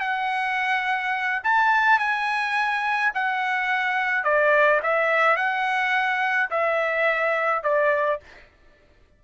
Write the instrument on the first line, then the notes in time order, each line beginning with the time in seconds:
trumpet
0.00 F#5
1.44 A5
1.99 G#5
3.14 F#5
4.24 D5
4.83 E5
5.36 F#5
6.50 E5
7.63 D5